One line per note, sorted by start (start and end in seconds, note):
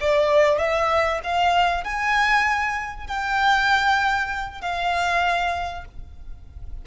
0.00 0.58 D5
0.58 1.20 E5
1.23 1.83 F5
1.83 3.07 G#5
3.07 4.61 G5
4.61 5.84 F5